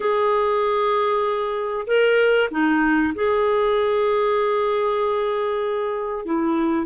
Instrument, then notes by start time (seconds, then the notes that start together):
clarinet
0.00 G#4
1.87 A#4
2.51 D#4
3.14 G#4
6.25 E4